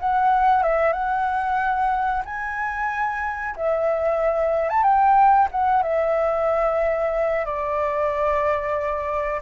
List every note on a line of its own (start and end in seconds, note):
0.00 0.64 F#5
0.64 0.93 E5
0.93 2.24 F#5
2.26 3.56 G#5
3.57 4.70 E5
4.70 4.83 A5
4.83 5.49 G5
5.52 5.83 F#5
5.83 7.46 E5
7.46 9.42 D5